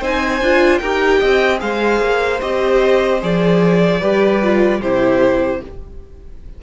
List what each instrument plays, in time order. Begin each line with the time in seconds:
0.00 cello C4, viola D#4, violin C5 G#5
0.41 cello D4, viola F4
0.79 cello D#4, viola G4, violin A#4 G5
1.19 cello C4, violin D#5
1.58 cello G#3, viola G#4, violin C5 F5
2.00 cello A#3
2.40 cello C4, viola G4, violin D#5
3.21 cello F3, viola G#4, violin D5
4.00 cello G3, viola G4, violin B4
4.42 viola F4
4.80 cello C3, viola E4, violin G4 C5